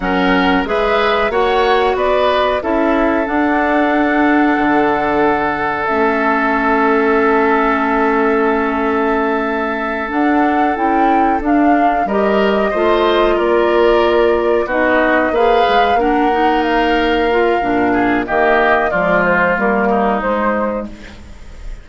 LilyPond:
<<
  \new Staff \with { instrumentName = "flute" } { \time 4/4 \tempo 4 = 92 fis''4 e''4 fis''4 d''4 | e''4 fis''2.~ | fis''4 e''2.~ | e''2.~ e''8 fis''8~ |
fis''8 g''4 f''4 dis''4.~ | dis''8 d''2 dis''4 f''8~ | f''8 fis''4 f''2~ f''8 | dis''4 d''8 c''8 ais'4 c''4 | }
  \new Staff \with { instrumentName = "oboe" } { \time 4/4 ais'4 b'4 cis''4 b'4 | a'1~ | a'1~ | a'1~ |
a'2~ a'8 ais'4 c''8~ | c''8 ais'2 fis'4 b'8~ | b'8 ais'2. gis'8 | g'4 f'4. dis'4. | }
  \new Staff \with { instrumentName = "clarinet" } { \time 4/4 cis'4 gis'4 fis'2 | e'4 d'2.~ | d'4 cis'2.~ | cis'2.~ cis'8 d'8~ |
d'8 e'4 d'4 g'4 f'8~ | f'2~ f'8 dis'4 gis'8~ | gis'8 d'8 dis'4. f'8 d'4 | ais4 gis4 ais4 gis4 | }
  \new Staff \with { instrumentName = "bassoon" } { \time 4/4 fis4 gis4 ais4 b4 | cis'4 d'2 d4~ | d4 a2.~ | a2.~ a8 d'8~ |
d'8 cis'4 d'4 g4 a8~ | a8 ais2 b4 ais8 | gis8 ais2~ ais8 ais,4 | dis4 f4 g4 gis4 | }
>>